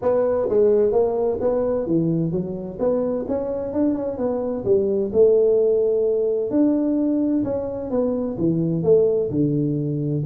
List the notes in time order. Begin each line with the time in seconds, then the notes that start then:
0.01 B3
0.49 G#3
0.92 A#3
1.40 B3
1.86 E3
2.31 F#3
2.79 B3
3.27 C#4
3.73 D4
3.95 C#4
4.17 B3
4.64 G3
5.12 A3
6.50 D4
7.44 C#4
7.90 B3
8.38 E3
8.83 A3
9.30 D3